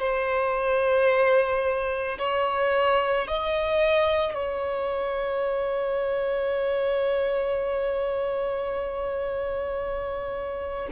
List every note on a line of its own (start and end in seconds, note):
0.00 2.18 C5
2.19 3.28 C#5
3.28 4.34 D#5
4.34 10.89 C#5